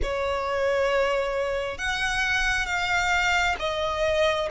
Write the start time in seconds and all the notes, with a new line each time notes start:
0.02 C#5
1.78 F#5
2.65 F5
3.59 D#5